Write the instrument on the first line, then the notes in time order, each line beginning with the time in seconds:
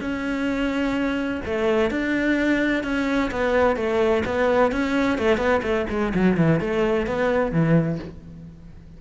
cello
0.00 C#4
1.45 A3
1.90 D4
2.83 C#4
3.31 B3
3.76 A3
4.25 B3
4.71 C#4
5.18 A3
5.37 B3
5.62 A3
5.89 G#3
6.14 F#3
6.37 E3
6.60 A3
7.06 B3
7.51 E3